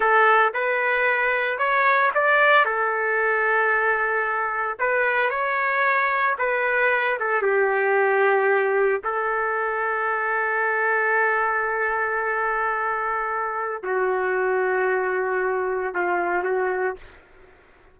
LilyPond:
\new Staff \with { instrumentName = "trumpet" } { \time 4/4 \tempo 4 = 113 a'4 b'2 cis''4 | d''4 a'2.~ | a'4 b'4 cis''2 | b'4. a'8 g'2~ |
g'4 a'2.~ | a'1~ | a'2 fis'2~ | fis'2 f'4 fis'4 | }